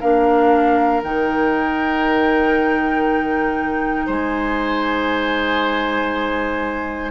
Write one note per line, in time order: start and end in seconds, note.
0.00 1.03 A#3
0.00 1.03 D4
0.00 4.06 A#4
0.00 1.02 F5
1.03 4.08 D#3
1.03 7.10 D#4
1.03 4.08 G5
4.06 7.10 G#3
4.06 7.10 C5
4.06 7.10 G#5